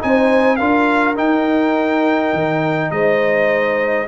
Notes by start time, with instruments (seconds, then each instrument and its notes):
0.00 tuba C4, trombone D#4, horn C5, trumpet G#5
0.56 tuba D4, trombone F4, horn A#4, trumpet F5
1.16 trombone D#4, tuba D#4, trumpet G5
2.33 tuba D#3
2.91 tuba G#3, horn C5, trumpet D#5